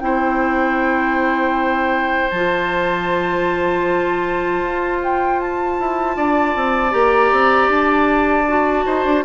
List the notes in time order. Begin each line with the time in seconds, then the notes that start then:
0.00 C4 E4 C5 G5
2.30 F3 F4 A5
4.62 F4
5.03 G5
5.40 A5
5.80 E4
6.17 D4 D5
6.56 C4
6.91 A#3 G4 A#5
7.32 C4
7.69 D4 A5
8.48 F#4
8.86 D#4 C5
9.05 D4